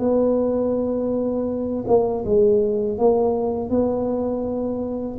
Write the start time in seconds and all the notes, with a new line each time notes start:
0.00 B3
1.88 A#3
2.26 G#3
2.99 A#3
3.70 B3